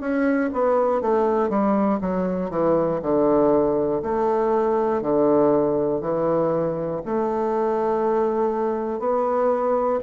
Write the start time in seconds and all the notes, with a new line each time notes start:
0.00 C#4
0.53 B3
1.01 A3
1.50 G3
2.01 F#3
2.50 E3
3.02 D3
4.02 A3
5.01 D3
6.01 E3
7.05 A3
8.99 B3